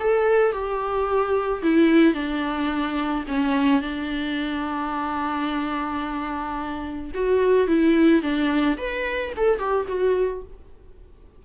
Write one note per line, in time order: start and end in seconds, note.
0.00 0.52 A4
0.52 1.62 G4
1.63 2.14 E4
2.14 3.24 D4
3.28 3.82 C#4
3.82 7.12 D4
7.14 7.68 F#4
7.68 8.22 E4
8.22 8.77 D4
8.78 9.33 B4
9.37 9.59 A4
9.59 9.87 G4
9.88 10.43 F#4